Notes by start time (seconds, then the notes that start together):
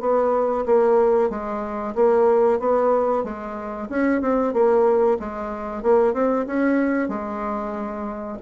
0.00 B3
0.65 A#3
1.30 G#3
1.95 A#3
2.59 B3
3.23 G#3
3.89 C#4
4.21 C4
4.53 A#3
5.19 G#3
5.82 A#3
6.13 C4
6.46 C#4
7.08 G#3